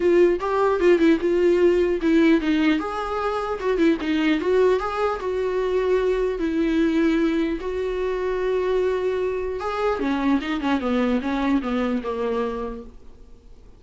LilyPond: \new Staff \with { instrumentName = "viola" } { \time 4/4 \tempo 4 = 150 f'4 g'4 f'8 e'8 f'4~ | f'4 e'4 dis'4 gis'4~ | gis'4 fis'8 e'8 dis'4 fis'4 | gis'4 fis'2. |
e'2. fis'4~ | fis'1 | gis'4 cis'4 dis'8 cis'8 b4 | cis'4 b4 ais2 | }